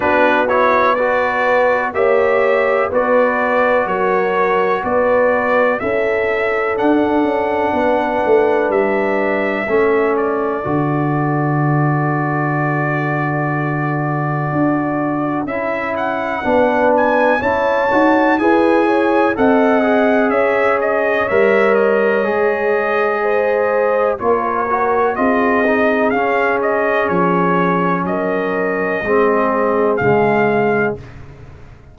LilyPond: <<
  \new Staff \with { instrumentName = "trumpet" } { \time 4/4 \tempo 4 = 62 b'8 cis''8 d''4 e''4 d''4 | cis''4 d''4 e''4 fis''4~ | fis''4 e''4. d''4.~ | d''1 |
e''8 fis''4 gis''8 a''4 gis''4 | fis''4 e''8 dis''8 e''8 dis''4.~ | dis''4 cis''4 dis''4 f''8 dis''8 | cis''4 dis''2 f''4 | }
  \new Staff \with { instrumentName = "horn" } { \time 4/4 fis'4 b'4 cis''4 b'4 | ais'4 b'4 a'2 | b'2 a'2~ | a'1~ |
a'4 b'4 cis''4 b'8 cis''8 | dis''4 cis''2. | c''4 ais'4 gis'2~ | gis'4 ais'4 gis'2 | }
  \new Staff \with { instrumentName = "trombone" } { \time 4/4 d'8 e'8 fis'4 g'4 fis'4~ | fis'2 e'4 d'4~ | d'2 cis'4 fis'4~ | fis'1 |
e'4 d'4 e'8 fis'8 gis'4 | a'8 gis'4. ais'4 gis'4~ | gis'4 f'8 fis'8 f'8 dis'8 cis'4~ | cis'2 c'4 gis4 | }
  \new Staff \with { instrumentName = "tuba" } { \time 4/4 b2 ais4 b4 | fis4 b4 cis'4 d'8 cis'8 | b8 a8 g4 a4 d4~ | d2. d'4 |
cis'4 b4 cis'8 dis'8 e'4 | c'4 cis'4 g4 gis4~ | gis4 ais4 c'4 cis'4 | f4 fis4 gis4 cis4 | }
>>